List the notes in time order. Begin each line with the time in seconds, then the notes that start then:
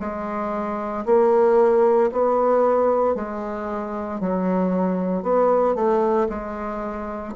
0.00 G#3
1.05 A#3
2.12 B3
3.15 G#3
4.20 F#3
5.22 B3
5.75 A3
6.29 G#3